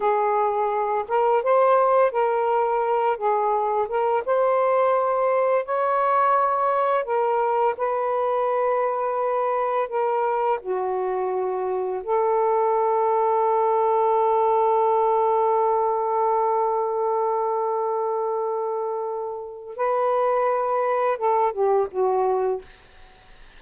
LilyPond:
\new Staff \with { instrumentName = "saxophone" } { \time 4/4 \tempo 4 = 85 gis'4. ais'8 c''4 ais'4~ | ais'8 gis'4 ais'8 c''2 | cis''2 ais'4 b'4~ | b'2 ais'4 fis'4~ |
fis'4 a'2.~ | a'1~ | a'1 | b'2 a'8 g'8 fis'4 | }